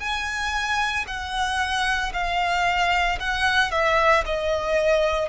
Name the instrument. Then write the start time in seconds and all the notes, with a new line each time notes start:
violin
0.00 G#5
1.08 F#5
2.13 F5
3.20 F#5
3.71 E5
4.26 D#5